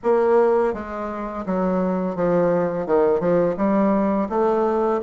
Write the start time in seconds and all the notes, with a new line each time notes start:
0.03 A#3
0.73 G#3
1.45 F#3
2.15 F3
2.86 D#3
3.19 F3
3.56 G3
4.29 A3